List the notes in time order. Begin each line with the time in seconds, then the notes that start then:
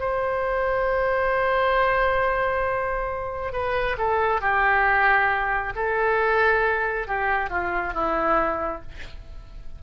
0.00 C5
3.53 B4
3.98 A4
4.42 G4
5.76 A4
7.07 G4
7.50 F4
7.94 E4